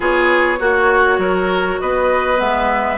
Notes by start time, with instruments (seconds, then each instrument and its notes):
0.00 bassoon B3, clarinet F4, oboe G#4, flute C#5
0.59 bassoon A#3, clarinet F#4, oboe F#4
1.18 bassoon F#3, oboe A#4
1.80 bassoon B3, oboe B4, flute D#5
2.37 bassoon G#3, clarinet B3, flute E5